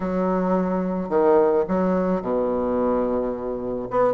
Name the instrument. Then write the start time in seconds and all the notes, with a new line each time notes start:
bassoon
0.00 F#3
1.09 D#3
1.67 F#3
2.21 B2
3.90 B3